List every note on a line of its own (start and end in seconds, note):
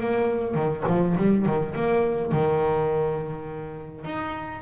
0.00 0.55 A#3
0.55 0.83 D#3
0.87 1.16 F3
1.17 1.46 G3
1.46 1.75 D#3
1.75 2.32 A#3
2.32 4.05 D#3
4.05 4.62 D#4